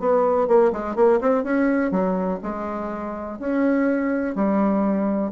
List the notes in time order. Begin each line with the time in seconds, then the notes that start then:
0.00 B3
0.48 A#3
0.73 G#3
0.96 A#3
1.21 C4
1.44 C#4
1.91 F#3
2.43 G#3
3.40 C#4
4.35 G3